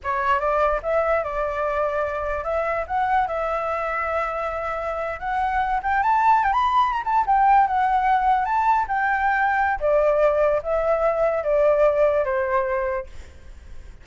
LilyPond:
\new Staff \with { instrumentName = "flute" } { \time 4/4 \tempo 4 = 147 cis''4 d''4 e''4 d''4~ | d''2 e''4 fis''4 | e''1~ | e''8. fis''4. g''8 a''4 g''16 |
b''4 ais''16 a''8 g''4 fis''4~ fis''16~ | fis''8. a''4 g''2~ g''16 | d''2 e''2 | d''2 c''2 | }